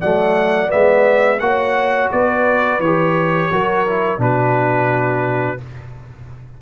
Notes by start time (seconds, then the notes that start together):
0.00 F#3 A3 D5 F#5
0.68 G#3 B3 E5
1.40 A#3 F#4 C#5 F#5
2.12 B3 B4 D5
2.79 E3 G4 C#5
3.51 F#3 F#4 A#4
3.87 E4
4.18 B2 D4 F#4 B4